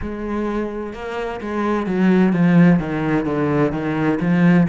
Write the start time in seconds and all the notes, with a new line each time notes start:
0.01 G#3
0.93 A#3
1.41 G#3
1.86 F#3
2.32 F3
2.79 D#3
3.25 D3
3.72 D#3
4.20 F3